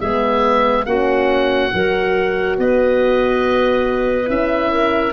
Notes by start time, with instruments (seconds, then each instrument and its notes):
0.00 tuba G#3, horn B3, clarinet G#4, oboe E5
0.85 tuba A#3, horn C#4, clarinet F#4, oboe F#5
1.72 tuba F#3, horn F#4, clarinet A#4
2.58 tuba B3, clarinet B4, oboe D#5
4.26 tuba C#4, horn E4, oboe E5
4.71 clarinet A#4